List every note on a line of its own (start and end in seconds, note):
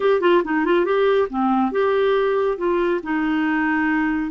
0.00 0.20 G4
0.20 0.42 F4
0.44 0.65 D#4
0.65 0.85 F4
0.85 1.28 G4
1.29 1.71 C4
1.71 2.57 G4
2.57 3.00 F4
3.03 4.31 D#4